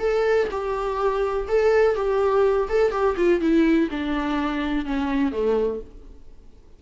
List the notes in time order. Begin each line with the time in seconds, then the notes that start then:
0.00 A4
0.51 G4
1.48 A4
1.96 G4
2.69 A4
2.92 G4
3.17 F4
3.41 E4
3.91 D4
4.86 C#4
5.32 A3